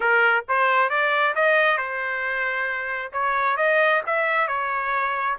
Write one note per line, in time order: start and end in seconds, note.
0.00 0.44 A#4
0.48 0.89 C5
0.89 1.34 D5
1.35 1.77 D#5
1.77 3.12 C5
3.12 3.56 C#5
3.56 4.01 D#5
4.06 4.47 E5
4.47 5.37 C#5